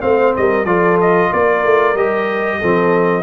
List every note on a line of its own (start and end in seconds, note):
0.00 0.34 A3
0.00 0.65 C4
0.00 0.35 C5
0.00 0.33 F5
0.36 0.64 G3
0.36 0.67 A#4
0.36 0.65 D#5
0.64 1.29 F3
0.64 1.95 F4
0.64 1.31 A4
0.64 0.97 D5
1.01 1.33 D#5
1.32 1.64 A#3
1.32 2.58 A#4
1.32 1.96 D5
1.64 1.94 A3
1.94 2.59 G3
1.94 2.62 G4
1.94 3.23 D#5
2.58 3.23 F3
2.58 3.23 C4
2.58 3.23 A4